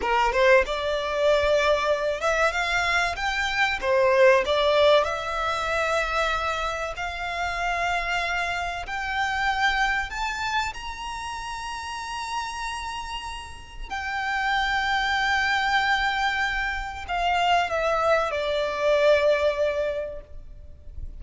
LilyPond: \new Staff \with { instrumentName = "violin" } { \time 4/4 \tempo 4 = 95 ais'8 c''8 d''2~ d''8 e''8 | f''4 g''4 c''4 d''4 | e''2. f''4~ | f''2 g''2 |
a''4 ais''2.~ | ais''2 g''2~ | g''2. f''4 | e''4 d''2. | }